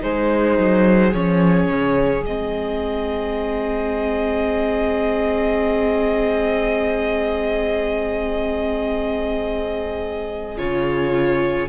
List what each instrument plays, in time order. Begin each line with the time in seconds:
0.00 cello G#3, viola D#4, violin G#4 C5
0.59 cello F#3
1.13 cello F3, viola C#4, violin C#5
1.69 cello C#3
2.24 cello G#3, viola C4, violin D#5
10.58 cello C#3, viola F4, violin C#5